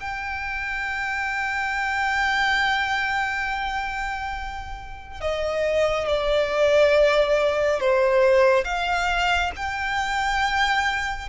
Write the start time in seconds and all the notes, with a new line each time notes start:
0.00 G5
5.21 D#5
6.08 D5
7.79 C5
8.64 F5
9.56 G5